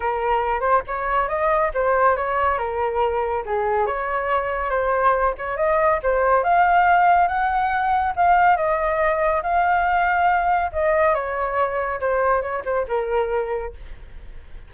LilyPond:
\new Staff \with { instrumentName = "flute" } { \time 4/4 \tempo 4 = 140 ais'4. c''8 cis''4 dis''4 | c''4 cis''4 ais'2 | gis'4 cis''2 c''4~ | c''8 cis''8 dis''4 c''4 f''4~ |
f''4 fis''2 f''4 | dis''2 f''2~ | f''4 dis''4 cis''2 | c''4 cis''8 c''8 ais'2 | }